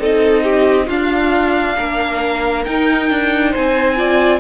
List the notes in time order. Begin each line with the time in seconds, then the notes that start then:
0.00 C4 D#4 A4 D#5
0.44 G4
0.87 D4 F4 F5
1.78 A#3 A#4
2.65 D#4 G5
3.10 D4
3.51 C4 C5 G#5
3.97 F4 D5